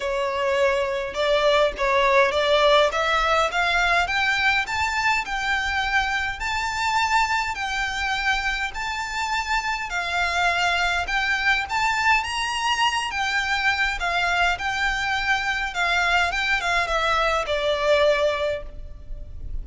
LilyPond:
\new Staff \with { instrumentName = "violin" } { \time 4/4 \tempo 4 = 103 cis''2 d''4 cis''4 | d''4 e''4 f''4 g''4 | a''4 g''2 a''4~ | a''4 g''2 a''4~ |
a''4 f''2 g''4 | a''4 ais''4. g''4. | f''4 g''2 f''4 | g''8 f''8 e''4 d''2 | }